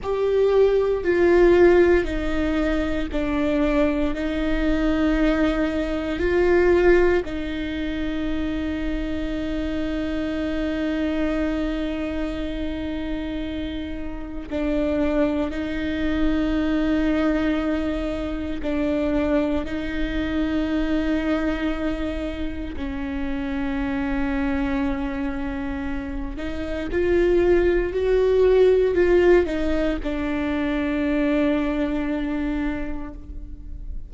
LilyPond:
\new Staff \with { instrumentName = "viola" } { \time 4/4 \tempo 4 = 58 g'4 f'4 dis'4 d'4 | dis'2 f'4 dis'4~ | dis'1~ | dis'2 d'4 dis'4~ |
dis'2 d'4 dis'4~ | dis'2 cis'2~ | cis'4. dis'8 f'4 fis'4 | f'8 dis'8 d'2. | }